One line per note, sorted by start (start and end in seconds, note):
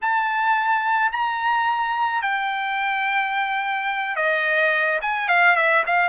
0.01 1.11 A5
1.11 2.22 A#5
2.22 4.15 G5
4.15 4.99 D#5
5.02 5.28 G#5
5.28 5.56 F5
5.56 5.83 E5
5.86 6.09 F5